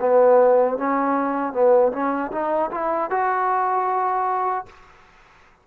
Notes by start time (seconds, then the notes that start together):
0.00 B3
0.77 C#4
1.53 B3
1.92 C#4
2.31 D#4
2.71 E4
3.10 F#4